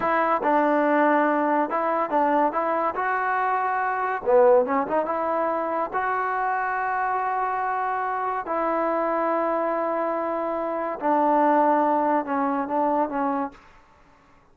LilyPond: \new Staff \with { instrumentName = "trombone" } { \time 4/4 \tempo 4 = 142 e'4 d'2. | e'4 d'4 e'4 fis'4~ | fis'2 b4 cis'8 dis'8 | e'2 fis'2~ |
fis'1 | e'1~ | e'2 d'2~ | d'4 cis'4 d'4 cis'4 | }